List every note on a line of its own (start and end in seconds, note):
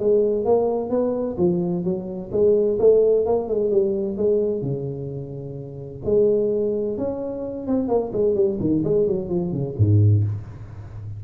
0.00 0.45 G#3
0.45 0.90 A#3
0.90 1.37 B3
1.38 1.85 F3
1.85 2.31 F#3
2.32 2.79 G#3
2.79 3.26 A3
3.26 3.49 A#3
3.49 3.72 G#3
3.72 4.17 G3
4.17 4.62 G#3
4.62 6.02 C#3
6.05 6.98 G#3
6.98 7.67 C#4
7.67 7.88 C4
7.88 8.12 A#3
8.13 8.35 G#3
8.35 8.59 G3
8.61 8.84 D#3
8.85 9.08 G#3
9.08 9.30 F#3
9.30 9.53 F3
9.53 9.76 C#3
9.78 10.25 G#2